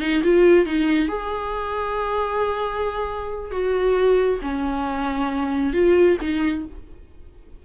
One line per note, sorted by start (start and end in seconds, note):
0.00 0.22 D#4
0.23 0.66 F4
0.66 1.08 D#4
1.08 3.51 G#4
3.51 4.39 F#4
4.42 5.73 C#4
5.73 6.17 F4
6.21 6.65 D#4